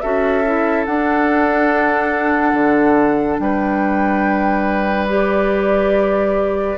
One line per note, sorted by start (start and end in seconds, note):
0.00 0.87 C#4
0.00 0.44 F#4
0.00 3.40 A4
0.00 0.85 E5
0.45 0.86 E4
0.85 5.08 D4
0.85 2.53 D4
0.85 3.39 F#5
2.53 3.37 D3
3.39 6.77 G3
3.39 6.77 B4
3.39 5.08 G5
5.08 6.77 G4
5.08 6.77 D5